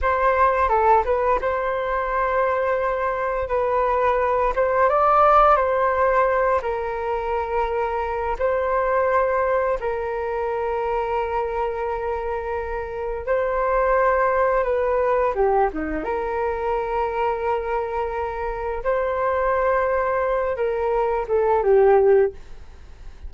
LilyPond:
\new Staff \with { instrumentName = "flute" } { \time 4/4 \tempo 4 = 86 c''4 a'8 b'8 c''2~ | c''4 b'4. c''8 d''4 | c''4. ais'2~ ais'8 | c''2 ais'2~ |
ais'2. c''4~ | c''4 b'4 g'8 dis'8 ais'4~ | ais'2. c''4~ | c''4. ais'4 a'8 g'4 | }